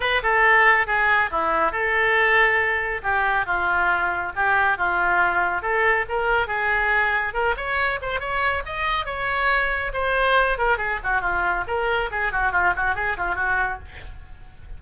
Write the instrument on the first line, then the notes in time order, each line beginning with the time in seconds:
oboe
0.00 B4
0.23 A4
0.86 G#4
1.30 E4
1.72 A4
3.03 G4
3.46 F4
4.35 G4
4.77 F4
5.62 A4
6.08 A#4
6.47 G#4
7.33 A#4
7.56 C#5
8.01 C5
8.19 C#5
8.65 D#5
9.05 C#5
9.93 C5
10.58 A#4
10.77 G#4
11.03 F#4
11.21 F4
11.67 A#4
12.11 G#4
12.32 F#4
12.52 F4
12.76 F#4
12.95 G#4
13.17 F4
13.35 F#4